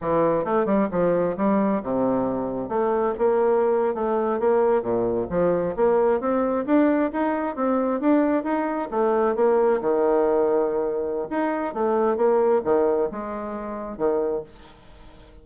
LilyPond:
\new Staff \with { instrumentName = "bassoon" } { \time 4/4 \tempo 4 = 133 e4 a8 g8 f4 g4 | c2 a4 ais4~ | ais8. a4 ais4 ais,4 f16~ | f8. ais4 c'4 d'4 dis'16~ |
dis'8. c'4 d'4 dis'4 a16~ | a8. ais4 dis2~ dis16~ | dis4 dis'4 a4 ais4 | dis4 gis2 dis4 | }